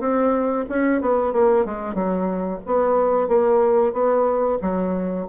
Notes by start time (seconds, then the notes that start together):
0.00 C4
0.69 C#4
1.01 B3
1.33 A#3
1.65 G#3
1.95 F#3
2.66 B3
3.28 A#3
3.93 B3
4.62 F#3